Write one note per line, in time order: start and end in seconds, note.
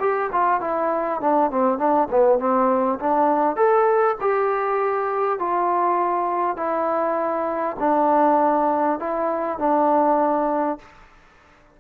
0.00 0.30 G4
0.32 0.61 F4
0.61 1.21 E4
1.21 1.51 D4
1.51 1.78 C4
1.78 2.08 D4
2.10 2.39 B3
2.39 2.99 C4
3.00 3.56 D4
3.56 4.16 A4
4.21 5.39 G4
5.39 6.57 F4
6.57 7.77 E4
7.79 8.99 D4
8.99 9.59 E4
9.59 10.79 D4